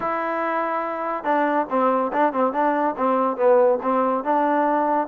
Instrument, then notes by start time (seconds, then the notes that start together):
trombone
0.00 E4
1.24 D4
1.69 C4
2.12 D4
2.32 C4
2.52 D4
2.97 C4
3.36 B3
3.82 C4
4.23 D4